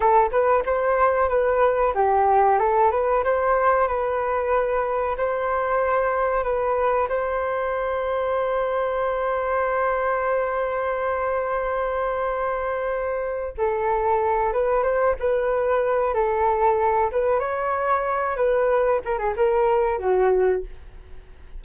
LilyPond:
\new Staff \with { instrumentName = "flute" } { \time 4/4 \tempo 4 = 93 a'8 b'8 c''4 b'4 g'4 | a'8 b'8 c''4 b'2 | c''2 b'4 c''4~ | c''1~ |
c''1~ | c''4 a'4. b'8 c''8 b'8~ | b'4 a'4. b'8 cis''4~ | cis''8 b'4 ais'16 gis'16 ais'4 fis'4 | }